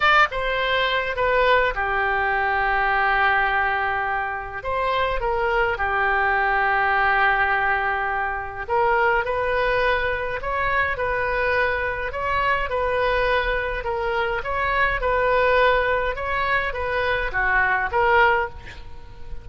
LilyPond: \new Staff \with { instrumentName = "oboe" } { \time 4/4 \tempo 4 = 104 d''8 c''4. b'4 g'4~ | g'1 | c''4 ais'4 g'2~ | g'2. ais'4 |
b'2 cis''4 b'4~ | b'4 cis''4 b'2 | ais'4 cis''4 b'2 | cis''4 b'4 fis'4 ais'4 | }